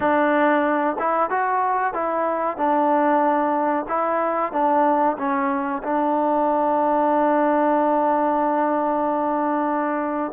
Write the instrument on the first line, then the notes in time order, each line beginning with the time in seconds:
trombone
0.00 D4
0.99 E4
1.30 F#4
1.93 E4
2.57 D4
3.88 E4
4.52 D4
5.18 C#4
5.83 D4